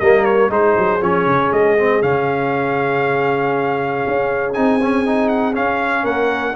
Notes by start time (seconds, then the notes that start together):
0.00 G3 A#3 A#4 D#5
0.25 C#5
0.49 G#3 D#4 G#4 C5
0.78 F#3
1.02 F3 C#4 C#5
1.26 C#3
1.52 G#3 D#5
1.78 C4
2.02 C#3 C#4 F5
4.08 C#4
4.53 C4 D#4 G#5
4.82 C#4
5.06 D#4
5.29 F#5
5.53 C#4 F5
6.04 A#3 A#4 F#5